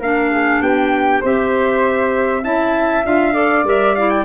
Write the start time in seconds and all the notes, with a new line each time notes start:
0.00 A#3 D4 A#4 F5
0.31 G#4
0.61 B3 G4 G5
1.21 C4 G4 C5 E5
2.43 C#4 E4 E5 A5
3.04 D4 F4 F5
3.34 A4 D5
3.64 G3 A#4 E5
3.96 E4 F5
4.10 G5